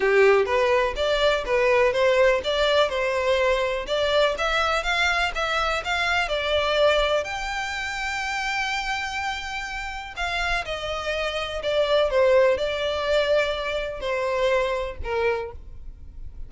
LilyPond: \new Staff \with { instrumentName = "violin" } { \time 4/4 \tempo 4 = 124 g'4 b'4 d''4 b'4 | c''4 d''4 c''2 | d''4 e''4 f''4 e''4 | f''4 d''2 g''4~ |
g''1~ | g''4 f''4 dis''2 | d''4 c''4 d''2~ | d''4 c''2 ais'4 | }